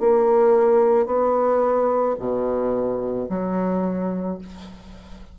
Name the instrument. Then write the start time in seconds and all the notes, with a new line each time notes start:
bassoon
0.00 A#3
1.06 B3
2.19 B2
3.29 F#3